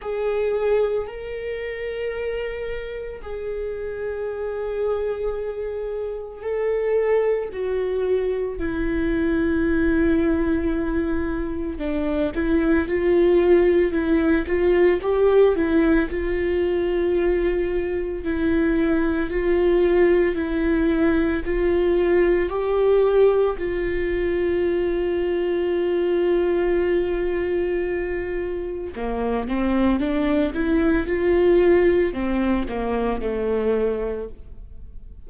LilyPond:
\new Staff \with { instrumentName = "viola" } { \time 4/4 \tempo 4 = 56 gis'4 ais'2 gis'4~ | gis'2 a'4 fis'4 | e'2. d'8 e'8 | f'4 e'8 f'8 g'8 e'8 f'4~ |
f'4 e'4 f'4 e'4 | f'4 g'4 f'2~ | f'2. ais8 c'8 | d'8 e'8 f'4 c'8 ais8 a4 | }